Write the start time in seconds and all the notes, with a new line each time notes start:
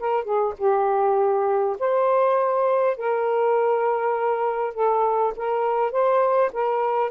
0.00 A#4
0.24 G#4
0.58 G4
1.80 C5
2.97 A#4
4.74 A4
5.37 A#4
5.92 C5
6.53 A#4